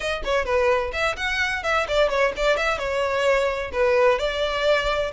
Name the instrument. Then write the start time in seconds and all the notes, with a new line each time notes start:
violin
0.00 D#5
0.24 C#5
0.45 B4
0.92 E5
1.16 F#5
1.63 E5
1.88 D5
2.09 C#5
2.36 D5
2.56 E5
2.78 C#5
3.72 B4
4.18 D5